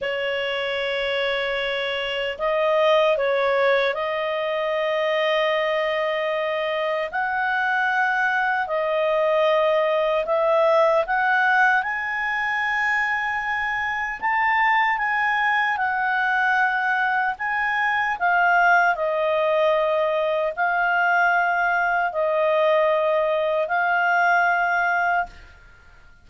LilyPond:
\new Staff \with { instrumentName = "clarinet" } { \time 4/4 \tempo 4 = 76 cis''2. dis''4 | cis''4 dis''2.~ | dis''4 fis''2 dis''4~ | dis''4 e''4 fis''4 gis''4~ |
gis''2 a''4 gis''4 | fis''2 gis''4 f''4 | dis''2 f''2 | dis''2 f''2 | }